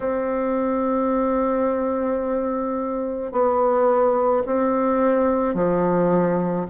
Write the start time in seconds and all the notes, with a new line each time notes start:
0.00 C4
3.31 B3
4.45 C4
5.54 F3